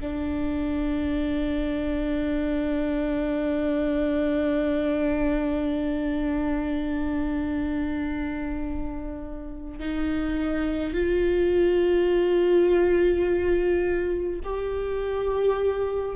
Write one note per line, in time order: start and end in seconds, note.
0.00 9.79 D4
9.79 10.94 D#4
10.94 14.40 F4
14.44 16.15 G4